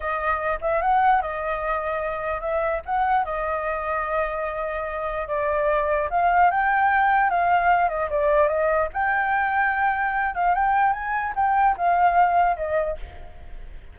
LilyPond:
\new Staff \with { instrumentName = "flute" } { \time 4/4 \tempo 4 = 148 dis''4. e''8 fis''4 dis''4~ | dis''2 e''4 fis''4 | dis''1~ | dis''4 d''2 f''4 |
g''2 f''4. dis''8 | d''4 dis''4 g''2~ | g''4. f''8 g''4 gis''4 | g''4 f''2 dis''4 | }